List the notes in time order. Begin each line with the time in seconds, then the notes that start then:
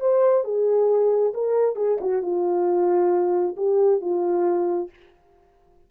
0.00 C5
0.44 G#4
1.34 A#4
1.76 G#4
2.00 F#4
2.22 F4
3.57 G4
4.01 F4